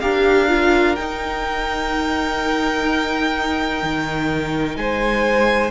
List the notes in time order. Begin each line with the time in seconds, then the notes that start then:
0.00 D4 G4 A#4 F5
0.49 F4
0.95 D#4 G5
3.83 D#3
4.76 G#3 C5 G#5